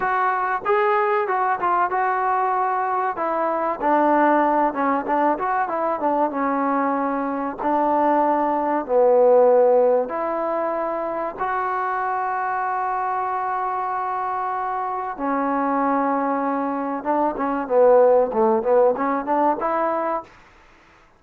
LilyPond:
\new Staff \with { instrumentName = "trombone" } { \time 4/4 \tempo 4 = 95 fis'4 gis'4 fis'8 f'8 fis'4~ | fis'4 e'4 d'4. cis'8 | d'8 fis'8 e'8 d'8 cis'2 | d'2 b2 |
e'2 fis'2~ | fis'1 | cis'2. d'8 cis'8 | b4 a8 b8 cis'8 d'8 e'4 | }